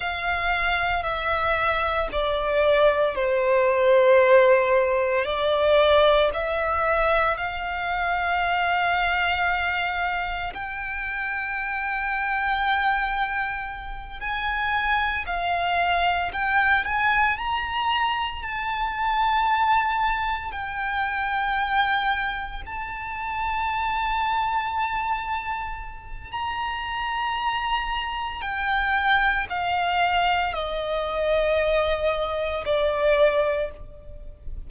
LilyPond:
\new Staff \with { instrumentName = "violin" } { \time 4/4 \tempo 4 = 57 f''4 e''4 d''4 c''4~ | c''4 d''4 e''4 f''4~ | f''2 g''2~ | g''4. gis''4 f''4 g''8 |
gis''8 ais''4 a''2 g''8~ | g''4. a''2~ a''8~ | a''4 ais''2 g''4 | f''4 dis''2 d''4 | }